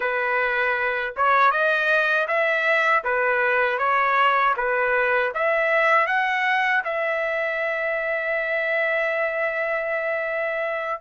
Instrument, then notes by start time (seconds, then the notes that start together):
trumpet
0.00 B4
1.16 C#5
1.51 D#5
2.27 E5
3.03 B4
3.78 C#5
4.56 B4
5.34 E5
6.06 F#5
6.84 E5